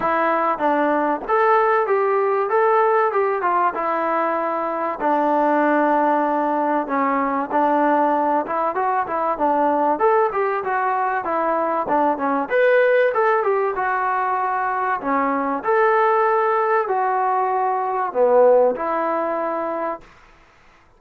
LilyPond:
\new Staff \with { instrumentName = "trombone" } { \time 4/4 \tempo 4 = 96 e'4 d'4 a'4 g'4 | a'4 g'8 f'8 e'2 | d'2. cis'4 | d'4. e'8 fis'8 e'8 d'4 |
a'8 g'8 fis'4 e'4 d'8 cis'8 | b'4 a'8 g'8 fis'2 | cis'4 a'2 fis'4~ | fis'4 b4 e'2 | }